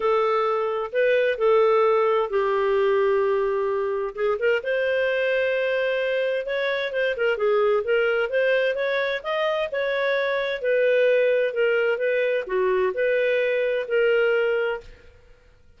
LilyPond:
\new Staff \with { instrumentName = "clarinet" } { \time 4/4 \tempo 4 = 130 a'2 b'4 a'4~ | a'4 g'2.~ | g'4 gis'8 ais'8 c''2~ | c''2 cis''4 c''8 ais'8 |
gis'4 ais'4 c''4 cis''4 | dis''4 cis''2 b'4~ | b'4 ais'4 b'4 fis'4 | b'2 ais'2 | }